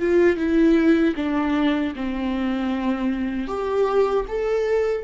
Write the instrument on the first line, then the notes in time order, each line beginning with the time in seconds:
viola
0.00 F4
0.37 E4
1.17 D4
1.96 C4
3.48 G4
4.29 A4